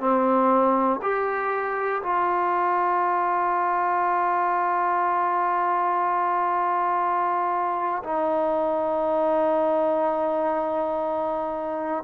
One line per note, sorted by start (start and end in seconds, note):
0.00 1.00 C4
1.02 2.02 G4
2.03 8.03 F4
8.04 12.04 D#4